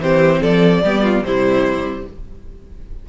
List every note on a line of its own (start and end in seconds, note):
0.00 0.41 E3
0.00 0.83 C4
0.00 0.41 G4
0.00 0.43 C5
0.41 0.83 F3
0.41 0.82 A4
0.41 1.25 D5
0.83 1.22 G3
0.83 1.26 B3
0.83 1.03 G4
1.03 1.24 F4
1.22 2.04 C3
1.22 2.08 G3
1.22 2.09 E4
1.22 2.07 C5